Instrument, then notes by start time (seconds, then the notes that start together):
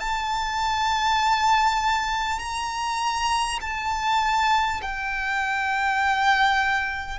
violin
0.00 A5
2.39 A#5
3.61 A5
4.82 G5